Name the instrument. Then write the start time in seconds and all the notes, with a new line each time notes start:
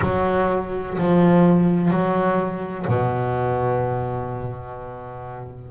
double bass
0.01 F#3
0.97 F3
1.90 F#3
2.87 B2